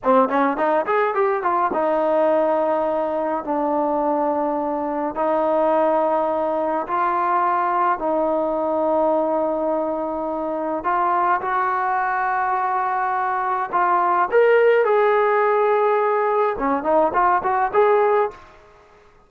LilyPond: \new Staff \with { instrumentName = "trombone" } { \time 4/4 \tempo 4 = 105 c'8 cis'8 dis'8 gis'8 g'8 f'8 dis'4~ | dis'2 d'2~ | d'4 dis'2. | f'2 dis'2~ |
dis'2. f'4 | fis'1 | f'4 ais'4 gis'2~ | gis'4 cis'8 dis'8 f'8 fis'8 gis'4 | }